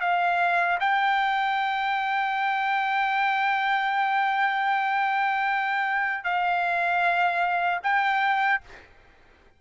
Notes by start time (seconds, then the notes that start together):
0.00 F5
0.79 G5
6.24 F5
7.83 G5